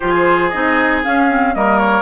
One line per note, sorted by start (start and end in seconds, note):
0.00 0.54 F3
0.00 0.51 F4
0.00 1.54 G#4
0.00 0.49 C5
0.49 1.05 C4
0.49 1.04 D#4
0.49 1.00 D#5
1.04 1.29 C#4
1.04 1.55 C#4
1.04 1.54 F5
1.29 1.54 C4
1.54 2.02 G3
1.54 2.02 A#3
1.54 2.02 A#4
1.54 1.78 D#5
1.78 2.02 C#5